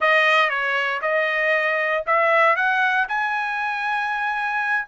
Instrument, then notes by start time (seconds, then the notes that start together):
trumpet
0.00 D#5
0.49 C#5
1.01 D#5
2.06 E5
2.56 F#5
3.08 G#5